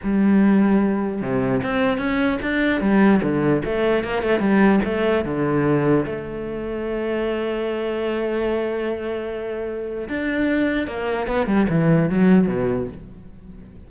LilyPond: \new Staff \with { instrumentName = "cello" } { \time 4/4 \tempo 4 = 149 g2. c4 | c'4 cis'4 d'4 g4 | d4 a4 ais8 a8 g4 | a4 d2 a4~ |
a1~ | a1~ | a4 d'2 ais4 | b8 g8 e4 fis4 b,4 | }